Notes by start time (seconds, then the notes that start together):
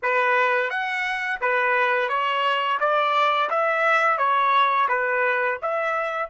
0.02 B4
0.70 F#5
1.40 B4
2.08 C#5
2.79 D5
3.49 E5
4.18 C#5
4.88 B4
5.62 E5